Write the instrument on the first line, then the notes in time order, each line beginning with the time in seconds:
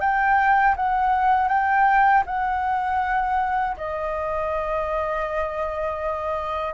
flute
0.00 G5
0.76 F#5
1.48 G5
2.26 F#5
3.77 D#5